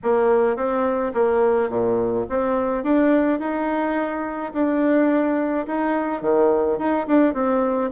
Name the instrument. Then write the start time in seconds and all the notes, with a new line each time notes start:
bassoon
0.03 A#3
0.56 C4
1.13 A#3
1.69 A#2
2.29 C4
2.83 D4
3.39 D#4
4.53 D4
5.67 D#4
6.21 D#3
6.78 D#4
7.07 D4
7.34 C4